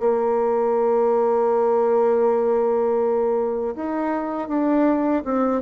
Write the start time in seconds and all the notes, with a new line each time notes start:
0.00 A#3
3.76 D#4
4.48 D4
5.25 C4